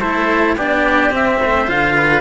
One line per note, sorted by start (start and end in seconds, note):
0.00 0.57 A3
0.00 0.57 E4
0.00 0.56 A4
0.00 0.56 C5
0.57 1.09 B3
0.57 1.11 D4
0.57 1.40 G4
0.57 1.13 D5
1.09 1.37 C4
1.09 1.67 C4
1.09 1.69 E5
1.42 1.69 A3
1.42 1.95 C5
1.67 2.21 D3
1.67 2.21 F4
1.67 2.21 F5
1.95 2.21 B4